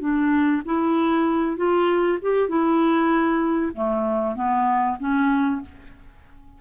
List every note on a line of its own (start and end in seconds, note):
0.00 0.62 D4
0.65 1.57 E4
1.57 2.18 F4
2.22 2.49 G4
2.49 3.73 E4
3.74 4.35 A3
4.35 4.97 B3
5.00 5.61 C#4